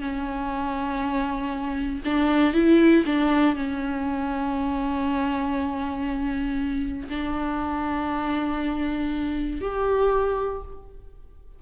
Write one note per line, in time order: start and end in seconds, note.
0.00 2.02 C#4
2.04 2.53 D4
2.53 3.04 E4
3.05 3.55 D4
3.55 7.08 C#4
7.09 9.61 D4
9.61 10.62 G4